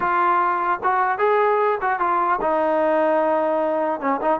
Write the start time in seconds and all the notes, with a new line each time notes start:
0.00 F4
0.83 F#4
1.18 G#4
1.81 F#4
1.99 F4
2.41 D#4
4.00 C#4
4.21 D#4